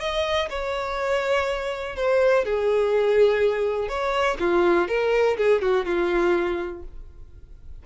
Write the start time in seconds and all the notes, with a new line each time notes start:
0.00 D#5
0.50 C#5
1.96 C5
2.45 G#4
3.88 C#5
4.40 F4
4.88 A#4
5.37 G#4
5.62 F#4
5.85 F4